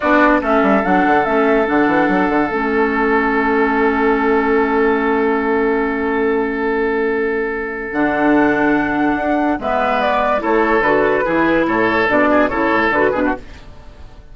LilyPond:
<<
  \new Staff \with { instrumentName = "flute" } { \time 4/4 \tempo 4 = 144 d''4 e''4 fis''4 e''4 | fis''2 e''2~ | e''1~ | e''1~ |
e''2. fis''4~ | fis''2. e''4 | d''4 cis''4 b'2 | cis''4 d''4 cis''4 b'4 | }
  \new Staff \with { instrumentName = "oboe" } { \time 4/4 fis'4 a'2.~ | a'1~ | a'1~ | a'1~ |
a'1~ | a'2. b'4~ | b'4 a'2 gis'4 | a'4. gis'8 a'4. gis'16 fis'16 | }
  \new Staff \with { instrumentName = "clarinet" } { \time 4/4 d'4 cis'4 d'4 cis'4 | d'2 cis'2~ | cis'1~ | cis'1~ |
cis'2. d'4~ | d'2. b4~ | b4 e'4 fis'4 e'4~ | e'4 d'4 e'4 fis'8 d'8 | }
  \new Staff \with { instrumentName = "bassoon" } { \time 4/4 b4 a8 g8 fis8 d8 a4 | d8 e8 fis8 d8 a2~ | a1~ | a1~ |
a2. d4~ | d2 d'4 gis4~ | gis4 a4 d4 e4 | a,4 b,4 cis8 a,8 d8 b,8 | }
>>